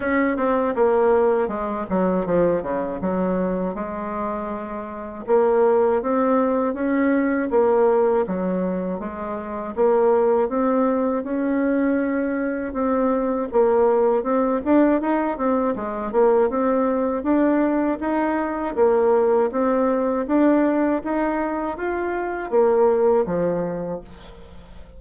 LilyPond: \new Staff \with { instrumentName = "bassoon" } { \time 4/4 \tempo 4 = 80 cis'8 c'8 ais4 gis8 fis8 f8 cis8 | fis4 gis2 ais4 | c'4 cis'4 ais4 fis4 | gis4 ais4 c'4 cis'4~ |
cis'4 c'4 ais4 c'8 d'8 | dis'8 c'8 gis8 ais8 c'4 d'4 | dis'4 ais4 c'4 d'4 | dis'4 f'4 ais4 f4 | }